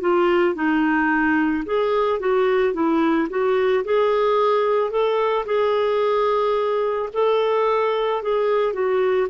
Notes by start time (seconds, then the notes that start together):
0.00 F4
0.55 D#4
1.65 G#4
2.19 F#4
2.73 E4
3.29 F#4
3.84 G#4
4.90 A4
5.45 G#4
7.13 A4
8.22 G#4
8.73 F#4